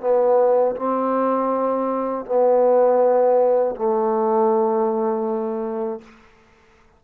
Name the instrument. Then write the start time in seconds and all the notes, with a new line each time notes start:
trombone
0.00 B3
0.75 C4
2.25 B3
3.75 A3